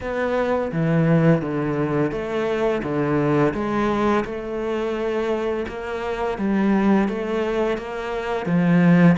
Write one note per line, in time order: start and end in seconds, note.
0.01 0.71 B3
0.72 1.41 E3
1.41 2.11 D3
2.11 2.82 A3
2.82 3.53 D3
3.54 4.24 G#3
4.24 5.66 A3
5.68 6.38 A#3
6.38 7.08 G3
7.08 7.77 A3
7.77 8.45 A#3
8.45 9.16 F3